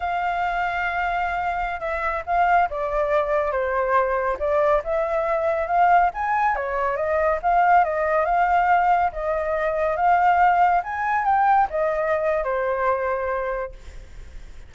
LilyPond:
\new Staff \with { instrumentName = "flute" } { \time 4/4 \tempo 4 = 140 f''1~ | f''16 e''4 f''4 d''4.~ d''16~ | d''16 c''2 d''4 e''8.~ | e''4~ e''16 f''4 gis''4 cis''8.~ |
cis''16 dis''4 f''4 dis''4 f''8.~ | f''4~ f''16 dis''2 f''8.~ | f''4~ f''16 gis''4 g''4 dis''8.~ | dis''4 c''2. | }